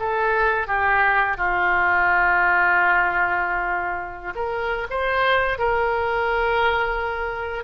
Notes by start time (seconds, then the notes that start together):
0.00 A4
0.68 G4
1.38 F4
4.35 A#4
4.91 C5
5.59 A#4